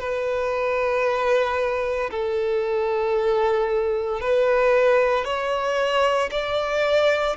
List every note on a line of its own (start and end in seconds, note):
0.00 2.11 B4
2.11 4.21 A4
4.21 5.25 B4
5.25 6.30 C#5
6.32 7.37 D5